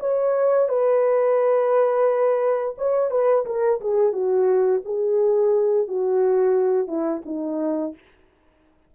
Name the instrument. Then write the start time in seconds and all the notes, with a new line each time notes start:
horn
0.00 C#5
0.69 B4
2.78 C#5
3.11 B4
3.46 A#4
3.81 G#4
4.13 F#4
4.85 G#4
5.88 F#4
6.88 E4
7.26 D#4